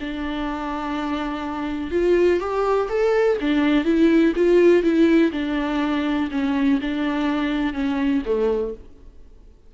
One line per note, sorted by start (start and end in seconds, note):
0.00 1.91 D4
1.91 2.40 F4
2.40 2.88 G4
2.89 3.38 A4
3.41 3.84 D4
3.84 4.33 E4
4.36 4.83 F4
4.83 5.31 E4
5.32 6.29 D4
6.31 6.80 C#4
6.81 7.73 D4
7.73 8.22 C#4
8.25 8.74 A3